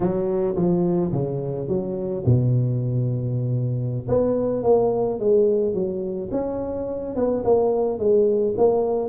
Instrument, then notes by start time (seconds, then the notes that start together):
tuba
0.00 F#3
0.55 F3
1.12 C#3
1.68 F#3
2.25 B2
4.08 B3
4.63 A#3
5.19 G#3
5.73 F#3
6.31 C#4
7.15 B3
7.44 A#3
7.98 G#3
8.57 A#3